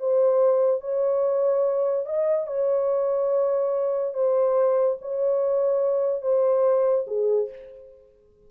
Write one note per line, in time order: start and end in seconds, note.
0.00 0.81 C5
0.81 2.06 C#5
2.06 2.47 D#5
2.47 4.14 C#5
4.14 4.97 C5
5.02 6.22 C#5
6.22 7.05 C5
7.07 7.49 G#4